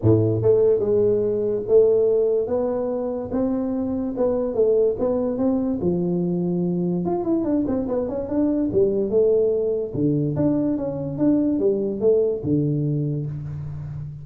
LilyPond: \new Staff \with { instrumentName = "tuba" } { \time 4/4 \tempo 4 = 145 a,4 a4 gis2 | a2 b2 | c'2 b4 a4 | b4 c'4 f2~ |
f4 f'8 e'8 d'8 c'8 b8 cis'8 | d'4 g4 a2 | d4 d'4 cis'4 d'4 | g4 a4 d2 | }